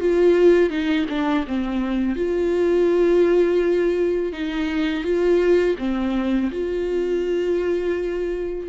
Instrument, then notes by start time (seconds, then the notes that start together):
viola
0.00 F4
0.70 D#4
1.09 D4
1.47 C4
2.16 F4
4.33 D#4
5.04 F4
5.78 C4
6.51 F4